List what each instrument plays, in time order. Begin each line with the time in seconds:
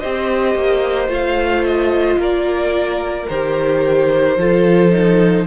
0.00 cello C4, viola G4, violin C5 D#5
0.55 cello A#3
1.08 cello A3, viola F4, violin F5
1.65 violin D#5
2.17 cello A#3, violin A#4 D5
3.29 cello D#3, viola G4, violin C5
4.37 cello F3, viola F4, violin A4
4.92 viola D#4